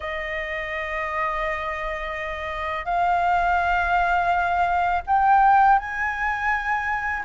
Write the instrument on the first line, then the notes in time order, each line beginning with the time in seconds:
flute
0.00 D#5
2.85 F5
5.06 G5
5.78 G#5